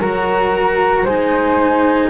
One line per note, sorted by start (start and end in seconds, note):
0.00 1.05 F#3
0.00 1.07 F#4
0.00 1.04 A#4
0.00 1.06 A#5
1.04 2.10 G#3
1.04 2.10 D#4
1.04 2.09 C5
1.04 2.10 G#5